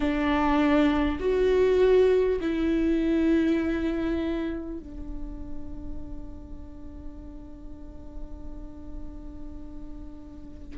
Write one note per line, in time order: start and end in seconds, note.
0.00 1.18 D4
1.19 2.39 F#4
2.41 4.79 E4
4.79 10.78 D4